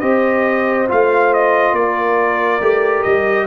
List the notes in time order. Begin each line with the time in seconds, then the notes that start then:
0.00 C4 G4 C5 D#5
0.87 A3 F4 F5
1.34 D#5
1.72 A#3 A#4 D5
2.60 A3 G4
3.03 G3 D#5